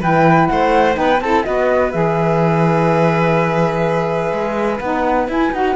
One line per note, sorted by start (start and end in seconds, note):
0.00 0.50 E3
0.00 0.94 E4
0.00 0.49 B4
0.00 0.47 G5
0.47 0.97 A3
0.47 0.99 C5
0.47 0.95 F#5
0.94 1.21 B3
0.94 1.18 D#4
0.94 1.23 B4
0.94 1.21 G5
1.21 1.45 C4
1.21 1.45 E4
1.21 1.46 A4
1.21 1.44 A5
1.44 1.94 B3
1.44 1.93 F#4
1.44 5.76 B4
1.44 1.92 D#5
1.92 4.32 E3
1.92 4.81 G#4
1.92 4.79 E5
4.32 4.80 G#3
4.79 5.28 B3
4.79 5.29 D#4
4.79 5.27 F#5
5.28 5.52 E4
5.28 5.53 E4
5.28 5.54 G#5
5.53 5.76 D#4
5.53 5.76 F#4
5.53 5.76 F#5